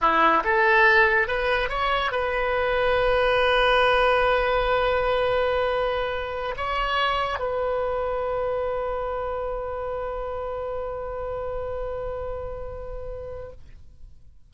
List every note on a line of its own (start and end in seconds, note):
0.01 0.43 E4
0.44 1.27 A4
1.27 1.69 B4
1.69 2.11 C#5
2.11 6.55 B4
6.56 7.39 C#5
7.39 13.51 B4